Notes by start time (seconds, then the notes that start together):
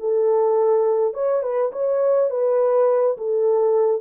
0.00 A4
1.14 C#5
1.43 B4
1.73 C#5
2.31 B4
3.18 A4